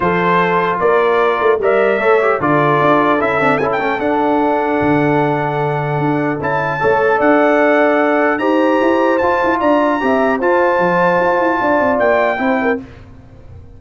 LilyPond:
<<
  \new Staff \with { instrumentName = "trumpet" } { \time 4/4 \tempo 4 = 150 c''2 d''2 | e''2 d''2 | e''4 gis''16 g''8. fis''2~ | fis''1 |
a''2 fis''2~ | fis''4 ais''2 a''4 | ais''2 a''2~ | a''2 g''2 | }
  \new Staff \with { instrumentName = "horn" } { \time 4/4 a'2 ais'2 | d''4 cis''4 a'2~ | a'1~ | a'1~ |
a'4 cis''4 d''2~ | d''4 c''2. | d''4 e''4 c''2~ | c''4 d''2 c''8 ais'8 | }
  \new Staff \with { instrumentName = "trombone" } { \time 4/4 f'1 | ais'4 a'8 g'8 f'2 | e'8 d'8 e'8 cis'8 d'2~ | d'1 |
e'4 a'2.~ | a'4 g'2 f'4~ | f'4 g'4 f'2~ | f'2. e'4 | }
  \new Staff \with { instrumentName = "tuba" } { \time 4/4 f2 ais4. a8 | g4 a4 d4 d'4 | cis'8 c'8 cis'8 a8 d'2 | d2. d'4 |
cis'4 a4 d'2~ | d'4 dis'4 e'4 f'8 e'8 | d'4 c'4 f'4 f4 | f'8 e'8 d'8 c'8 ais4 c'4 | }
>>